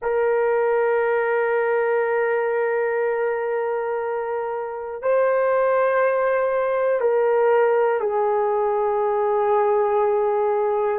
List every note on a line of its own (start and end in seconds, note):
0.02 5.02 A#4
5.02 7.00 C5
7.00 8.00 A#4
8.00 10.98 G#4